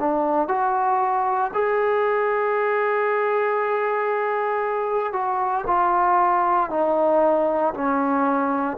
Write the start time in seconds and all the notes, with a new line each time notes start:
0.00 D4
0.48 F#4
1.54 G#4
5.13 F#4
5.67 F4
6.71 D#4
7.74 C#4